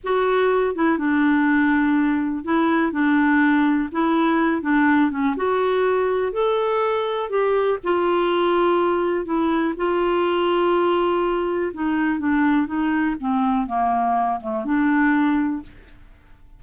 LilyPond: \new Staff \with { instrumentName = "clarinet" } { \time 4/4 \tempo 4 = 123 fis'4. e'8 d'2~ | d'4 e'4 d'2 | e'4. d'4 cis'8 fis'4~ | fis'4 a'2 g'4 |
f'2. e'4 | f'1 | dis'4 d'4 dis'4 c'4 | ais4. a8 d'2 | }